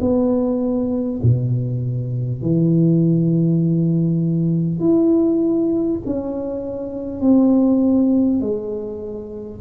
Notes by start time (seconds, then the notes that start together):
0.00 B3
1.22 B2
2.42 E3
4.79 E4
6.05 C#4
7.21 C4
8.40 G#3